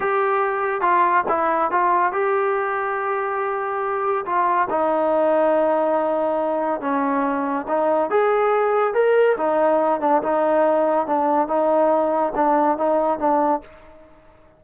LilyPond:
\new Staff \with { instrumentName = "trombone" } { \time 4/4 \tempo 4 = 141 g'2 f'4 e'4 | f'4 g'2.~ | g'2 f'4 dis'4~ | dis'1 |
cis'2 dis'4 gis'4~ | gis'4 ais'4 dis'4. d'8 | dis'2 d'4 dis'4~ | dis'4 d'4 dis'4 d'4 | }